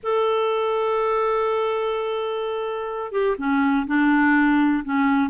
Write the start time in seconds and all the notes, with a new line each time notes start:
0.03 A4
3.12 G4
3.38 C#4
3.87 D4
4.84 C#4